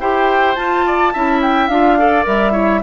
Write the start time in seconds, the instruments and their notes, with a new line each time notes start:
0.00 bassoon E4, clarinet G4, oboe C5, flute G5
0.55 clarinet F4, bassoon F4, flute A5
0.87 oboe D5
1.13 bassoon C#4, clarinet E4, oboe E5
1.42 flute G5
1.68 bassoon D4, clarinet F4, flute F5
1.99 clarinet A4, oboe D5
2.24 bassoon G3, clarinet A#4, flute E5
2.52 clarinet E4, oboe C#5